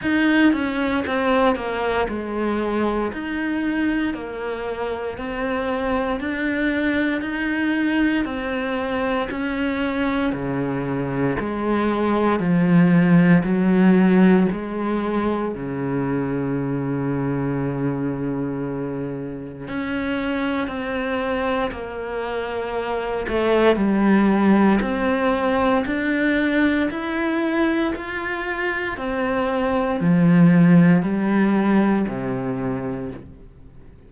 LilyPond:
\new Staff \with { instrumentName = "cello" } { \time 4/4 \tempo 4 = 58 dis'8 cis'8 c'8 ais8 gis4 dis'4 | ais4 c'4 d'4 dis'4 | c'4 cis'4 cis4 gis4 | f4 fis4 gis4 cis4~ |
cis2. cis'4 | c'4 ais4. a8 g4 | c'4 d'4 e'4 f'4 | c'4 f4 g4 c4 | }